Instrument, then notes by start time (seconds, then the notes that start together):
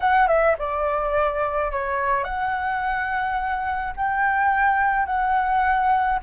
flute
0.00 F#5
0.27 E5
0.58 D5
1.71 C#5
2.24 F#5
3.96 G5
5.06 F#5